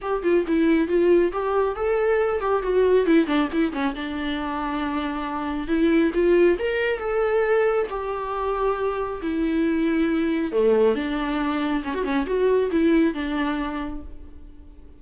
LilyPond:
\new Staff \with { instrumentName = "viola" } { \time 4/4 \tempo 4 = 137 g'8 f'8 e'4 f'4 g'4 | a'4. g'8 fis'4 e'8 d'8 | e'8 cis'8 d'2.~ | d'4 e'4 f'4 ais'4 |
a'2 g'2~ | g'4 e'2. | a4 d'2 cis'16 fis'16 cis'8 | fis'4 e'4 d'2 | }